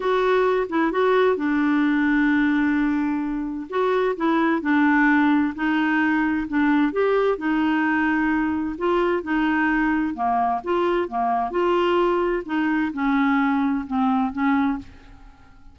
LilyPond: \new Staff \with { instrumentName = "clarinet" } { \time 4/4 \tempo 4 = 130 fis'4. e'8 fis'4 d'4~ | d'1 | fis'4 e'4 d'2 | dis'2 d'4 g'4 |
dis'2. f'4 | dis'2 ais4 f'4 | ais4 f'2 dis'4 | cis'2 c'4 cis'4 | }